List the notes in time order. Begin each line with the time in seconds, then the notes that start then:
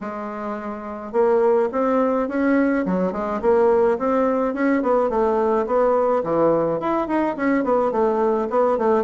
0.01 G#3
1.12 A#3
1.71 C4
2.28 C#4
2.85 F#3
3.12 G#3
3.41 A#3
3.98 C4
4.54 C#4
4.82 B3
5.09 A3
5.66 B3
6.23 E3
6.80 E4
7.07 D#4
7.36 C#4
7.64 B3
7.91 A3
8.50 B3
8.78 A3